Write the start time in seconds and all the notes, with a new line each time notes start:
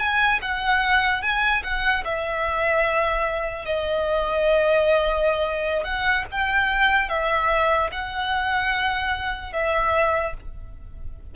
0.00 G#5
0.42 F#5
1.23 G#5
1.64 F#5
2.05 E5
3.66 D#5
5.85 F#5
6.32 G5
7.10 E5
7.92 F#5
9.53 E5